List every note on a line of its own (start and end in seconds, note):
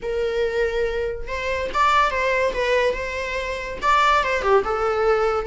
0.02 1.27 A#4
1.27 1.69 C5
1.73 2.10 D5
2.10 2.53 C5
2.53 2.93 B4
2.93 3.78 C5
3.82 4.23 D5
4.23 4.42 C5
4.42 4.63 G4
4.64 5.46 A4